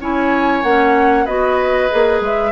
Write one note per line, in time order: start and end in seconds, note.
0.00 0.63 C#4
0.00 0.64 E4
0.00 1.24 C#5
0.00 0.63 G#5
0.63 1.26 A#3
0.63 1.26 C#4
0.63 1.25 F#5
1.24 1.89 B3
1.24 1.89 F#4
1.24 2.51 B4
1.24 2.20 D#5
1.90 2.20 A#3
1.90 2.52 G#4
2.20 2.52 G#3
2.20 2.52 E5